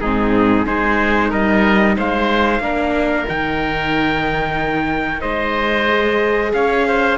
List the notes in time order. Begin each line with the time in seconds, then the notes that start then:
0.00 G#2 C4 D#4 G#4
0.65 G#3 D#4 G#4 C5
1.29 G3 A#4 D#5
1.97 G#3 C5 F5
2.60 A#3 D4 A#4
3.27 D#3 D#4 G5
5.21 G#3 C5 D#5
5.88 G#4
6.53 C#4 C#5 F5
6.87 C5